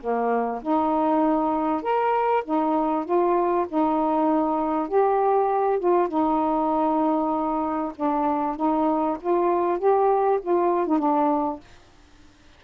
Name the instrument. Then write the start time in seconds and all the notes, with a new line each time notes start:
saxophone
0.00 A#3
0.62 D#4
1.82 A#4
2.44 D#4
3.04 F4
3.68 D#4
4.88 G4
5.79 F4
6.08 D#4
7.95 D4
8.56 D#4
9.20 F4
9.78 G4
10.41 F4
10.86 D#4
10.98 D4